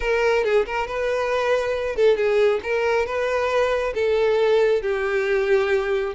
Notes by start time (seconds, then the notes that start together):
0.00 A#4
0.43 G#4
0.66 A#4
0.87 B4
1.96 A4
2.16 G#4
2.63 A#4
3.06 B4
3.94 A4
4.82 G4